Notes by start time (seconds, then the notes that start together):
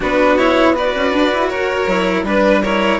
0.00 B3 D4 F#4 B4
0.37 E4 C#5
0.74 F#4 B4 D5
0.95 C#4
1.12 D4
1.33 E4
1.48 F#4 A#4 C#5
1.86 F#3 E4
2.23 G3 D4 B4
2.62 E4 A#4 C#5